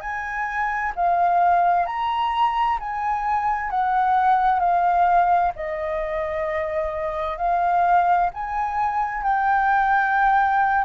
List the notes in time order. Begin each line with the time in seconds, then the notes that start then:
0.00 G#5
0.95 F5
1.85 A#5
2.79 G#5
3.70 F#5
4.59 F5
5.55 D#5
7.37 F5
8.33 G#5
9.22 G5